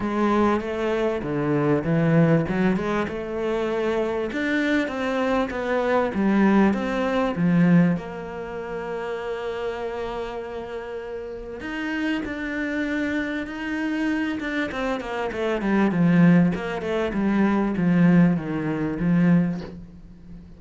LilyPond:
\new Staff \with { instrumentName = "cello" } { \time 4/4 \tempo 4 = 98 gis4 a4 d4 e4 | fis8 gis8 a2 d'4 | c'4 b4 g4 c'4 | f4 ais2.~ |
ais2. dis'4 | d'2 dis'4. d'8 | c'8 ais8 a8 g8 f4 ais8 a8 | g4 f4 dis4 f4 | }